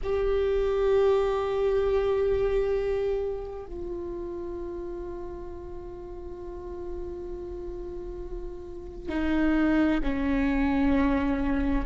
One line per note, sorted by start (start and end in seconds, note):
0.02 3.66 G4
3.66 9.08 F4
9.08 9.99 D#4
10.02 11.84 C#4